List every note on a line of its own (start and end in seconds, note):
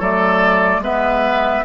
0.00 0.80 F#3
0.00 0.82 A3
0.00 0.81 A4
0.00 0.83 D5
0.80 1.61 G#3
0.80 1.65 B3
0.80 1.65 B4
0.80 1.65 E5